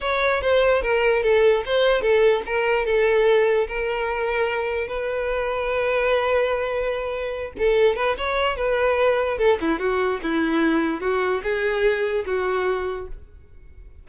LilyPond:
\new Staff \with { instrumentName = "violin" } { \time 4/4 \tempo 4 = 147 cis''4 c''4 ais'4 a'4 | c''4 a'4 ais'4 a'4~ | a'4 ais'2. | b'1~ |
b'2~ b'8 a'4 b'8 | cis''4 b'2 a'8 e'8 | fis'4 e'2 fis'4 | gis'2 fis'2 | }